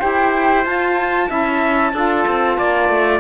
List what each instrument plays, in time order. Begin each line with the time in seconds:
0.00 cello E4, saxophone G4, trumpet C5, flute G5
0.65 saxophone F4, cello F4, flute A5
1.28 cello C#4, saxophone E4, trumpet E5
1.94 cello D4, saxophone F4, trumpet A4
2.28 cello C4
2.58 cello A#3, trumpet D5
2.89 cello A3